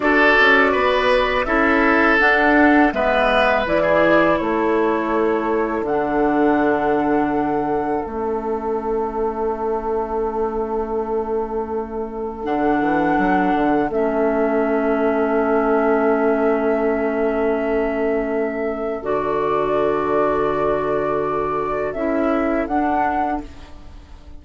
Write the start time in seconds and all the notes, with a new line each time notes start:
0.00 D4 F#4 A4 D5
0.40 C#4
0.71 B3 B4
1.44 C#4 E4 A4 E5
2.19 D4 F#5
2.92 G#3 B3 B4 E5
3.66 E3 E4 D5
3.82 G#4
4.37 A3 A4 C#5
5.81 D3 F#5
5.88 D4
8.04 A3 C#4 E5
12.43 D3 D4 F#5
12.80 E3
13.18 F#3
13.54 D3
13.89 A3 C#4 E5
19.02 D3 F#4 D5
21.93 C#4 E4 E5
22.67 D4 F#5